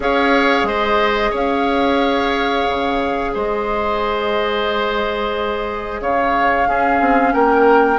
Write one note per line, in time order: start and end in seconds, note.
0.00 0.63 C#4
0.00 6.65 G#4
0.00 0.67 C#5
0.00 0.67 F5
0.63 1.29 G#3
0.63 1.31 C5
0.63 1.33 D#5
1.31 2.67 C#4
1.31 3.31 C#5
1.31 3.36 F5
2.68 3.34 C#3
3.34 6.00 G#3
3.34 6.00 C5
3.34 6.01 D#5
6.00 6.67 C#3
6.00 6.68 C#5
6.00 7.33 F5
6.67 7.00 C#4
6.67 7.98 C#4
6.67 7.33 G#4
7.00 7.33 C4
7.33 7.98 A#3
7.33 7.98 A#4
7.33 7.98 G5